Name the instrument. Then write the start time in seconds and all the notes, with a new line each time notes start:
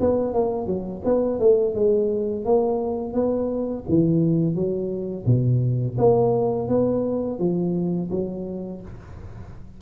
tuba
0.00 B3
0.33 A#3
0.66 F#3
1.04 B3
1.39 A3
1.74 G#3
2.44 A#3
3.13 B3
3.88 E3
4.54 F#3
5.26 B2
5.97 A#3
6.68 B3
7.39 F3
8.10 F#3